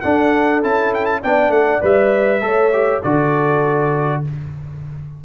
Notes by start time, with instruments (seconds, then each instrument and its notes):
0.00 trombone D4, tuba D4, horn A4, trumpet F#5
0.62 tuba C#4, trombone E4, trumpet A5
0.94 trumpet G5
1.05 trumpet A5
1.21 tuba B3, trombone D4, horn D5, trumpet G5
1.49 tuba A3, trumpet F#5
1.81 tuba G3, trombone B4, trumpet E5
2.41 tuba A3, trombone A4, horn C#5
2.73 trombone G4
3.02 tuba D3, trombone F#4, horn A4, trumpet D5